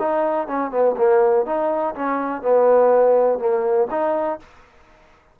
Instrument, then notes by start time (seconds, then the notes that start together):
trombone
0.00 D#4
0.48 C#4
0.71 B3
0.98 A#3
1.46 D#4
1.95 C#4
2.42 B3
3.39 A#3
3.91 D#4